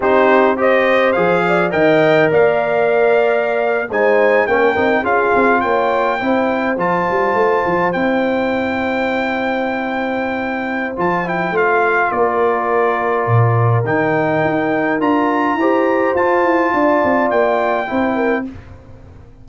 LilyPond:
<<
  \new Staff \with { instrumentName = "trumpet" } { \time 4/4 \tempo 4 = 104 c''4 dis''4 f''4 g''4 | f''2~ f''8. gis''4 g''16~ | g''8. f''4 g''2 a''16~ | a''4.~ a''16 g''2~ g''16~ |
g''2. a''8 g''8 | f''4 d''2. | g''2 ais''2 | a''2 g''2 | }
  \new Staff \with { instrumentName = "horn" } { \time 4/4 g'4 c''4. d''8 dis''4 | d''2~ d''8. c''4 ais'16~ | ais'8. gis'4 cis''4 c''4~ c''16~ | c''1~ |
c''1~ | c''4 ais'2.~ | ais'2. c''4~ | c''4 d''2 c''8 ais'8 | }
  \new Staff \with { instrumentName = "trombone" } { \time 4/4 dis'4 g'4 gis'4 ais'4~ | ais'2~ ais'8. dis'4 cis'16~ | cis'16 dis'8 f'2 e'4 f'16~ | f'4.~ f'16 e'2~ e'16~ |
e'2. f'8 e'8 | f'1 | dis'2 f'4 g'4 | f'2. e'4 | }
  \new Staff \with { instrumentName = "tuba" } { \time 4/4 c'2 f4 dis4 | ais2~ ais8. gis4 ais16~ | ais16 c'8 cis'8 c'8 ais4 c'4 f16~ | f16 g8 a8 f8 c'2~ c'16~ |
c'2. f4 | a4 ais2 ais,4 | dis4 dis'4 d'4 e'4 | f'8 e'8 d'8 c'8 ais4 c'4 | }
>>